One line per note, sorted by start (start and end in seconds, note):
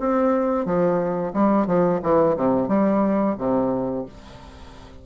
0.00 0.66 C4
0.66 1.33 F3
1.34 1.67 G3
1.67 2.00 F3
2.03 2.37 E3
2.37 2.68 C3
2.68 3.36 G3
3.38 4.05 C3